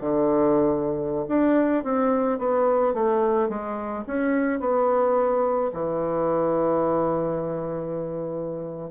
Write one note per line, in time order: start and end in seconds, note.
0.00 1.25 D3
1.28 1.83 D4
1.84 2.38 C4
2.38 2.93 B3
2.93 3.48 A3
3.48 4.04 G#3
4.07 4.59 C#4
4.59 5.70 B3
5.73 8.90 E3